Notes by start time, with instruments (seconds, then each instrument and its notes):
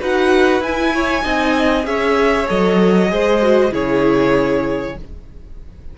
0.00 cello D#4, viola F#4, violin B4 F#5
0.60 cello E4, viola E4, violin G#5
0.94 violin C#5
1.23 cello C4, viola D#4, violin D#5
1.84 cello C#4, viola G#4, violin C#5 E5
2.47 cello F#3, viola A4, violin D#5
3.09 cello G#3, viola G#4, violin C5
3.42 viola F#4
3.71 cello C#3, viola E4, violin G#4 C#5